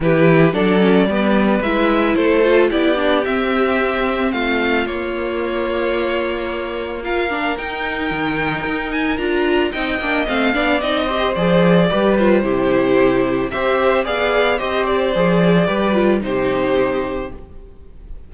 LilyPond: <<
  \new Staff \with { instrumentName = "violin" } { \time 4/4 \tempo 4 = 111 b'4 d''2 e''4 | c''4 d''4 e''2 | f''4 cis''2.~ | cis''4 f''4 g''2~ |
g''8 gis''8 ais''4 g''4 f''4 | dis''4 d''4. c''4.~ | c''4 e''4 f''4 dis''8 d''8~ | d''2 c''2 | }
  \new Staff \with { instrumentName = "violin" } { \time 4/4 g'4 a'4 b'2 | a'4 g'2. | f'1~ | f'4 ais'2.~ |
ais'2 dis''4. d''8~ | d''8 c''4. b'4 g'4~ | g'4 c''4 d''4 c''4~ | c''4 b'4 g'2 | }
  \new Staff \with { instrumentName = "viola" } { \time 4/4 e'4 d'8 cis'8 b4 e'4~ | e'8 f'8 e'8 d'8 c'2~ | c'4 ais2.~ | ais4 f'8 d'8 dis'2~ |
dis'4 f'4 dis'8 d'8 c'8 d'8 | dis'8 g'8 gis'4 g'8 f'8 e'4~ | e'4 g'4 gis'4 g'4 | gis'4 g'8 f'8 dis'2 | }
  \new Staff \with { instrumentName = "cello" } { \time 4/4 e4 fis4 g4 gis4 | a4 b4 c'2 | a4 ais2.~ | ais2 dis'4 dis4 |
dis'4 d'4 c'8 ais8 a8 b8 | c'4 f4 g4 c4~ | c4 c'4 b4 c'4 | f4 g4 c2 | }
>>